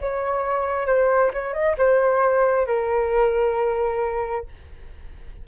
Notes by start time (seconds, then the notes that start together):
0.00 C#5
0.86 C5
1.33 C#5
1.53 D#5
1.77 C5
2.67 A#4